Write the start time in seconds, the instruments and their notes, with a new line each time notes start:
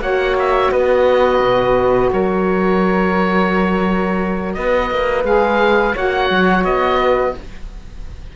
0.00 cello A#3, saxophone F#4, flute C#5, oboe F#5
0.39 oboe E5
0.71 cello B3, flute B4, oboe D#5
1.40 cello B2
2.13 cello F#3, flute A#4, oboe C#5
4.54 cello B3, flute B4, oboe D#5
4.91 cello A#3
5.24 cello G#3, saxophone G#4, oboe F5
5.95 cello A#3, saxophone F#4, flute C#5, oboe F#5
6.30 cello F#3
6.64 cello B3, oboe D#5
7.00 flute B4